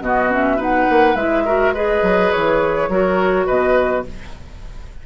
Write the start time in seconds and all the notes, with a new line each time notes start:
0.00 B2 B3 F#4 D#5
0.31 C#4 E5
0.56 D#4 B4 F#5
0.89 A#3
1.15 G#3 E4 E5
1.45 F#4 A#4
1.74 G#4 B4 D#5
2.02 F#3
2.31 E3 C#5
2.88 F#3 F#4 A#4
3.46 B2 B4 D#5